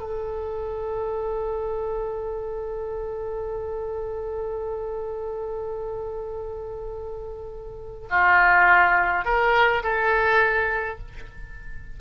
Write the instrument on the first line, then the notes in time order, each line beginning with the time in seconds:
oboe
0.00 A4
8.11 F4
9.25 A#4
9.84 A4